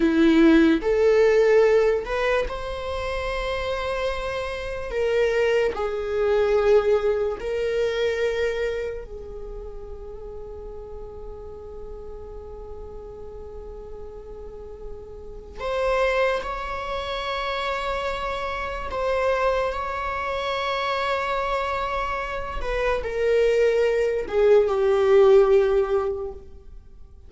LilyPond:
\new Staff \with { instrumentName = "viola" } { \time 4/4 \tempo 4 = 73 e'4 a'4. b'8 c''4~ | c''2 ais'4 gis'4~ | gis'4 ais'2 gis'4~ | gis'1~ |
gis'2. c''4 | cis''2. c''4 | cis''2.~ cis''8 b'8 | ais'4. gis'8 g'2 | }